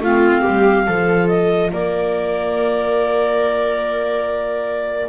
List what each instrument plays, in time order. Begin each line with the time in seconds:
0.00 double bass A3, clarinet C4 F5, viola F4
0.41 double bass G3, viola G4
0.86 double bass F3, clarinet F4, viola A4
1.28 clarinet D#5
1.72 double bass A#3, viola A#4, clarinet D5